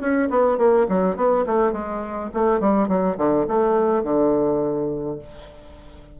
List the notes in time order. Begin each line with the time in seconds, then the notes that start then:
0.00 C#4
0.29 B3
0.57 A#3
0.88 F#3
1.16 B3
1.46 A3
1.72 G#3
2.33 A3
2.60 G3
2.88 F#3
3.17 D3
3.47 A3
4.03 D3